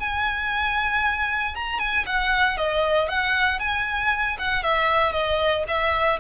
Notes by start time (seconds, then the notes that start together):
0.00 G#5
1.55 A#5
1.79 G#5
2.06 F#5
2.57 D#5
3.09 F#5
3.59 G#5
4.38 F#5
4.63 E5
5.13 D#5
5.68 E5